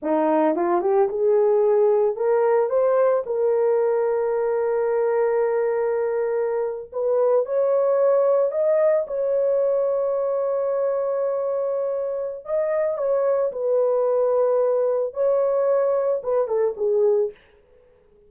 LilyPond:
\new Staff \with { instrumentName = "horn" } { \time 4/4 \tempo 4 = 111 dis'4 f'8 g'8 gis'2 | ais'4 c''4 ais'2~ | ais'1~ | ais'8. b'4 cis''2 dis''16~ |
dis''8. cis''2.~ cis''16~ | cis''2. dis''4 | cis''4 b'2. | cis''2 b'8 a'8 gis'4 | }